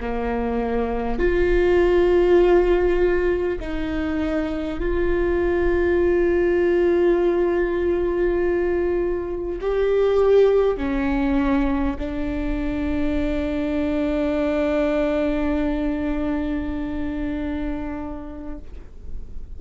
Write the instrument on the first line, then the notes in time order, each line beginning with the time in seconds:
viola
0.00 A#3
1.19 F4
3.60 D#4
4.79 F4
9.61 G4
10.77 C#4
11.98 D4